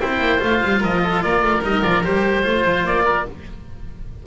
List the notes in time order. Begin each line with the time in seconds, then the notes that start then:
0.00 C4 E4 C5 G5
0.20 A#3
0.39 A3 F4 F5
0.64 G3
0.81 F3 A#4 D#5
1.04 A4
1.22 A#3 A#4 D5
1.43 A3
1.63 G3 D#4 D#5
1.83 F3 F4 D5
2.04 G3 G4 C5
2.43 A3 F4 C5
2.65 F3
2.85 A#3 D5
3.05 A#4